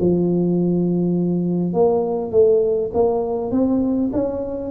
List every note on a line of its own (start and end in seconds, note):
0.00 1.73 F3
1.73 2.31 A#3
2.31 2.91 A3
2.94 3.51 A#3
3.51 4.11 C4
4.13 4.71 C#4